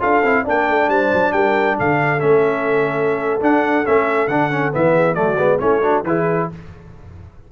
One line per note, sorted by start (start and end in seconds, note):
0.00 0.22 D4
0.00 0.22 F4
0.00 0.43 A4
0.00 0.46 F5
0.22 0.44 C4
0.22 0.46 E4
0.43 0.69 A#3
0.43 2.20 D4
0.43 0.87 D5
0.49 0.90 G5
0.69 0.89 A3
0.89 1.11 G3
0.89 1.33 C5
0.89 1.32 A5
1.14 1.33 F#3
1.32 1.77 G3
1.32 1.78 A#4
1.32 1.76 G5
1.78 2.23 D3
1.78 4.94 A4
1.78 2.20 F5
2.20 3.41 A3
2.20 3.40 C#4
2.20 3.41 E5
3.41 3.84 D4
3.41 3.85 D4
3.41 3.86 F#5
3.85 4.28 A3
3.85 4.29 C#4
3.85 4.28 E5
4.28 4.71 D3
4.28 4.51 D4
4.28 4.71 F#5
4.51 4.72 C#4
4.72 5.17 E3
4.72 5.15 B3
4.72 5.15 E5
4.94 5.15 G#4
5.15 5.38 F#3
5.15 5.37 A3
5.15 5.59 F#4
5.15 5.58 D5
5.38 5.60 G#3
5.38 5.60 B3
5.59 6.03 A3
5.59 5.82 C#4
5.59 5.81 E4
5.59 6.03 C#5
5.82 6.04 D4
5.82 6.04 F#4
6.03 6.47 E3
6.03 6.52 E4
6.03 6.50 G#4
6.03 6.49 B4